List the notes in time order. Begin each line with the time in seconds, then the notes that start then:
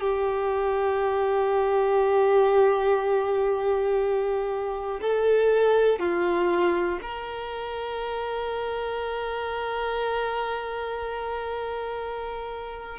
0.00 G4
5.00 A4
5.99 F4
7.01 A#4